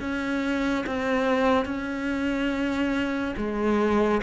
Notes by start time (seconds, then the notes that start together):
0.00 C#4
0.86 C4
1.65 C#4
3.37 G#3